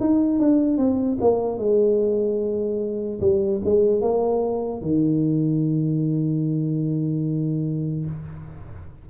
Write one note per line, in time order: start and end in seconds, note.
0.00 0.39 D#4
0.39 0.77 D4
0.77 1.18 C4
1.21 1.58 A#3
1.58 3.20 G#3
3.20 3.61 G3
3.64 4.01 G#3
4.01 4.81 A#3
4.81 8.06 D#3